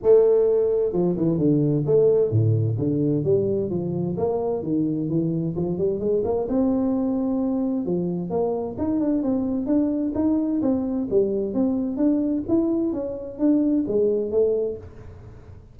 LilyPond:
\new Staff \with { instrumentName = "tuba" } { \time 4/4 \tempo 4 = 130 a2 f8 e8 d4 | a4 a,4 d4 g4 | f4 ais4 dis4 e4 | f8 g8 gis8 ais8 c'2~ |
c'4 f4 ais4 dis'8 d'8 | c'4 d'4 dis'4 c'4 | g4 c'4 d'4 e'4 | cis'4 d'4 gis4 a4 | }